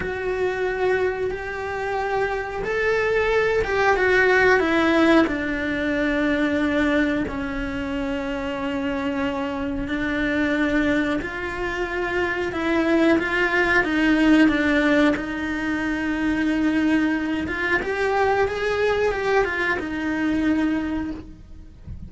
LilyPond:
\new Staff \with { instrumentName = "cello" } { \time 4/4 \tempo 4 = 91 fis'2 g'2 | a'4. g'8 fis'4 e'4 | d'2. cis'4~ | cis'2. d'4~ |
d'4 f'2 e'4 | f'4 dis'4 d'4 dis'4~ | dis'2~ dis'8 f'8 g'4 | gis'4 g'8 f'8 dis'2 | }